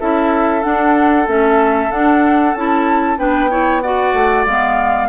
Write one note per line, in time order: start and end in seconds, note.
0.00 0.65 C#4
0.00 0.62 E4
0.00 3.19 A4
0.00 0.63 E5
0.62 1.26 D4
0.62 1.28 D4
0.62 1.27 F#5
1.27 1.91 A3
1.27 1.90 C#4
1.27 1.91 E5
1.91 2.55 D4
1.91 2.55 F#5
2.55 3.18 C#4
2.55 3.18 E4
2.55 3.18 A5
3.18 4.13 B3
3.18 3.50 D4
3.18 3.51 B4
3.18 3.81 G5
3.50 3.82 E4
3.50 3.83 C#5
3.81 4.48 F#4
3.81 5.09 D5
3.81 4.45 F#5
4.13 4.45 A3
4.46 5.09 G#3
4.46 5.09 B3
4.46 5.09 F5